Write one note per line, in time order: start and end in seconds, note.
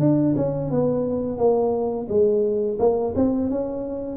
0.00 0.35 D4
0.36 0.71 C#4
0.71 1.38 B3
1.38 2.08 A#3
2.09 2.78 G#3
2.79 3.14 A#3
3.16 3.50 C4
3.50 4.17 C#4